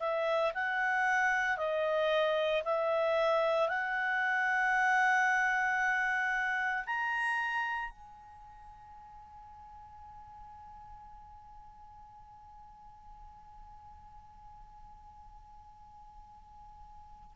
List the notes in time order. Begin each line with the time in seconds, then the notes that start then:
0.00 E5
0.54 F#5
1.57 D#5
2.65 E5
3.69 F#5
6.87 A#5
7.90 G#5